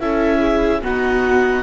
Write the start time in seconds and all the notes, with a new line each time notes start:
0.00 C#4 E4 A4 E5
0.39 G#4
0.82 B3 D#4 F#4 F#5